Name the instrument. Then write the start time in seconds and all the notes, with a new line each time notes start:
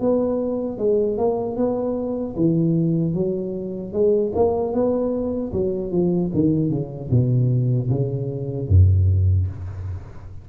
tuba
0.00 B3
0.79 G#3
1.18 A#3
1.56 B3
2.36 E3
3.14 F#3
3.93 G#3
4.35 A#3
4.73 B3
5.53 F#3
5.92 F3
6.34 D#3
6.70 C#3
7.11 B2
7.90 C#3
8.68 F#2